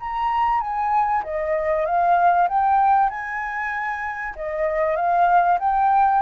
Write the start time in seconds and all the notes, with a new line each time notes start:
0.00 A#5
0.61 G#5
1.24 D#5
1.86 F5
2.49 G5
3.10 G#5
4.36 D#5
4.96 F5
5.59 G5